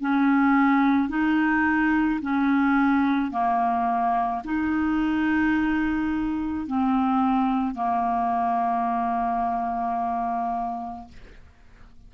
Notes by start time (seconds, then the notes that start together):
0.00 C#4
1.09 D#4
2.21 C#4
3.31 A#3
4.44 D#4
6.66 C4
7.74 A#3